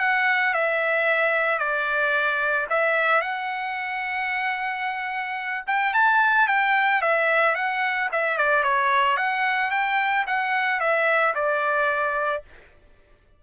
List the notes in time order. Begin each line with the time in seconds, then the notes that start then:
0.00 F#5
0.54 E5
1.59 D5
2.70 E5
3.21 F#5
5.67 G5
5.94 A5
6.48 G5
7.02 E5
7.56 F#5
8.12 E5
8.38 D5
8.64 C#5
9.17 F#5
9.71 G5
10.27 F#5
10.80 E5
11.35 D5